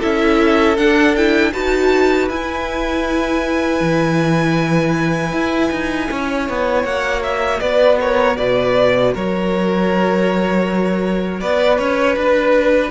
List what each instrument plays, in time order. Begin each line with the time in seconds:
0.00 cello C#4, viola E4, violin A4 E5
0.78 cello D4, viola D4, violin F#5
1.16 viola E4, violin G5
1.53 cello D#4, viola F#4, violin B4 A5
2.29 cello E4, viola E4, violin G#5
3.81 cello E3
5.33 cello E4
5.72 cello D#4
6.11 cello C#4, violin C#5
6.50 cello B3
6.84 cello A#3, viola F#4, violin F#5
7.23 violin E5
7.60 cello B3, violin B4 D5
8.00 violin A#4 C#5
8.37 cello B2, violin B4 D5
9.14 cello F#3, violin A#4 C#5
11.41 cello B3, violin B4 D5
11.79 cello C#4, violin C#5
12.16 cello D4, violin B4